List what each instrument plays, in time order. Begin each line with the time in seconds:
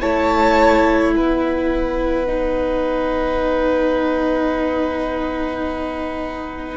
0.00 cello A3, viola E4, violin C#5 A5
1.14 cello B3, violin B4 F#5
2.27 viola D#4